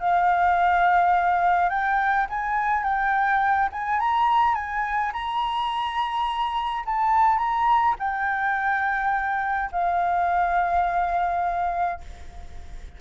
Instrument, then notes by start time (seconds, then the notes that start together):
flute
0.00 F5
1.70 G5
2.30 G#5
2.84 G5
3.72 G#5
4.00 A#5
4.55 G#5
5.13 A#5
6.86 A5
7.38 A#5
7.99 G5
9.72 F5